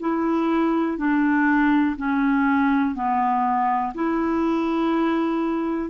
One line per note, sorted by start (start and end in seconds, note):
0.00 0.97 E4
0.97 1.96 D4
1.97 2.95 C#4
2.95 3.93 B3
3.94 5.90 E4